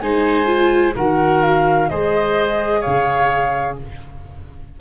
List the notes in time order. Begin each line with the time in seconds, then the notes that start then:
0.00 G#3 D#4 C5 G#5
0.46 F4
0.96 D#3 F#4 A#4 F#5
1.43 F5
1.89 G#3 G#4 C5 D#5
2.81 C#5 F5
2.87 C#3